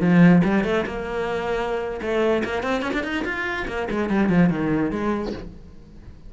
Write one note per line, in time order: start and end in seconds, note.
0.00 0.42 F3
0.44 0.63 G3
0.63 0.84 A3
0.86 2.00 A#3
2.01 2.43 A3
2.44 2.62 A#3
2.62 2.81 C4
2.81 2.92 C#4
2.93 3.03 D4
3.03 3.24 D#4
3.24 3.66 F4
3.67 3.88 A#3
3.90 4.09 G#3
4.09 4.29 G3
4.29 4.49 F3
4.49 4.91 D#3
4.91 5.32 G#3